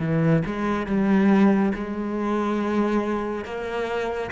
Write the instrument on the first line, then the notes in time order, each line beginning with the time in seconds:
cello
0.00 E3
0.46 G#3
0.87 G3
1.75 G#3
3.45 A#3